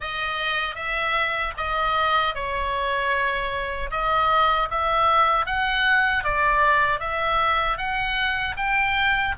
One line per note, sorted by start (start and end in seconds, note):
0.00 0.75 D#5
0.75 1.53 E5
1.57 2.34 D#5
2.34 3.90 C#5
3.91 4.69 D#5
4.70 5.45 E5
5.45 6.23 F#5
6.24 7.00 D5
7.00 7.77 E5
7.77 8.55 F#5
8.56 9.34 G5